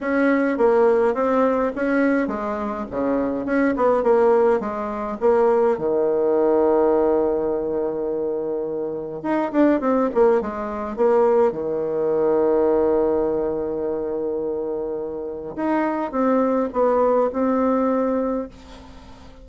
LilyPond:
\new Staff \with { instrumentName = "bassoon" } { \time 4/4 \tempo 4 = 104 cis'4 ais4 c'4 cis'4 | gis4 cis4 cis'8 b8 ais4 | gis4 ais4 dis2~ | dis1 |
dis'8 d'8 c'8 ais8 gis4 ais4 | dis1~ | dis2. dis'4 | c'4 b4 c'2 | }